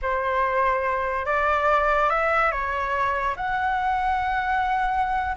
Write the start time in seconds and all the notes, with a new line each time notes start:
0.02 C5
1.25 D5
2.09 E5
2.51 C#5
3.36 F#5